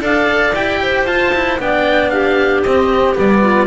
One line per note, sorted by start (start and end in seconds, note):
0.00 0.52 D4
0.00 0.53 A4
0.00 0.81 D5
0.00 0.55 F5
0.55 1.05 E4
0.55 1.07 G4
0.55 1.06 G5
0.83 1.61 C5
1.05 1.57 F4
1.05 1.34 F4
1.05 1.58 A5
1.35 1.60 E4
1.59 2.63 B3
1.59 2.64 D4
1.59 2.13 D5
1.59 2.10 G5
2.10 3.42 G4
2.10 2.62 F5
2.63 3.16 C4
2.63 3.15 C4
2.63 3.15 D#5
3.15 3.67 G3
3.15 3.67 B3
3.15 3.67 D5
3.42 3.67 F4